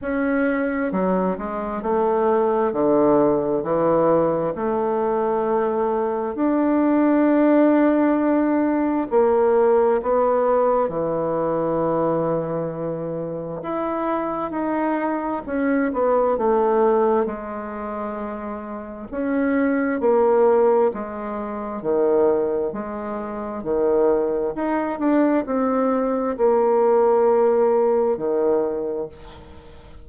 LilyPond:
\new Staff \with { instrumentName = "bassoon" } { \time 4/4 \tempo 4 = 66 cis'4 fis8 gis8 a4 d4 | e4 a2 d'4~ | d'2 ais4 b4 | e2. e'4 |
dis'4 cis'8 b8 a4 gis4~ | gis4 cis'4 ais4 gis4 | dis4 gis4 dis4 dis'8 d'8 | c'4 ais2 dis4 | }